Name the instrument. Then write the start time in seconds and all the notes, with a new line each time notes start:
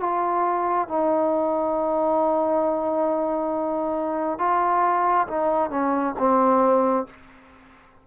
trombone
0.00 F4
0.89 D#4
4.39 F4
5.28 D#4
5.70 C#4
6.19 C4